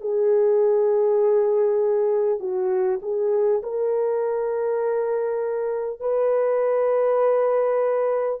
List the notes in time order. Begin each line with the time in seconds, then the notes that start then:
0.00 G#4
2.39 F#4
3.02 G#4
3.62 A#4
6.00 B4